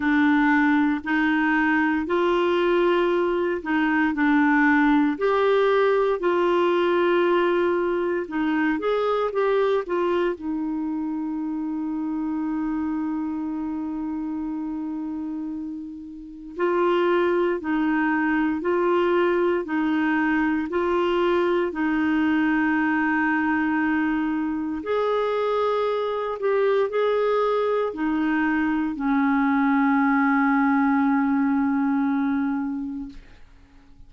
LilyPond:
\new Staff \with { instrumentName = "clarinet" } { \time 4/4 \tempo 4 = 58 d'4 dis'4 f'4. dis'8 | d'4 g'4 f'2 | dis'8 gis'8 g'8 f'8 dis'2~ | dis'1 |
f'4 dis'4 f'4 dis'4 | f'4 dis'2. | gis'4. g'8 gis'4 dis'4 | cis'1 | }